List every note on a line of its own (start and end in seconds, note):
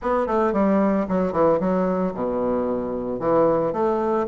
0.01 0.27 B3
0.27 0.53 A3
0.53 1.06 G3
1.08 1.32 F#3
1.32 1.59 E3
1.59 2.13 F#3
2.14 3.19 B2
3.19 3.72 E3
3.72 4.26 A3